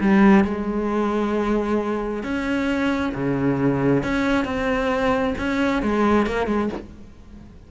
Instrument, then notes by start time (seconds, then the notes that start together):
cello
0.00 G3
0.44 G#3
2.23 C#4
3.14 C#3
4.03 C#4
4.44 C4
5.38 C#4
5.82 G#3
6.26 A#3
6.46 G#3